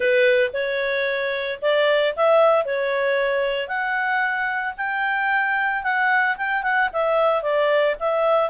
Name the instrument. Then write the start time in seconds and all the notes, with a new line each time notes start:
clarinet
0.00 B4
0.53 C#5
1.61 D5
2.16 E5
2.65 C#5
3.68 F#5
4.77 G5
5.83 F#5
6.37 G5
6.62 F#5
6.93 E5
7.42 D5
7.99 E5